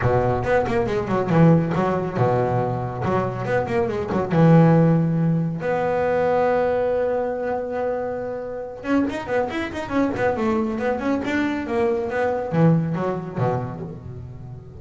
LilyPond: \new Staff \with { instrumentName = "double bass" } { \time 4/4 \tempo 4 = 139 b,4 b8 ais8 gis8 fis8 e4 | fis4 b,2 fis4 | b8 ais8 gis8 fis8 e2~ | e4 b2.~ |
b1~ | b8 cis'8 dis'8 b8 e'8 dis'8 cis'8 b8 | a4 b8 cis'8 d'4 ais4 | b4 e4 fis4 b,4 | }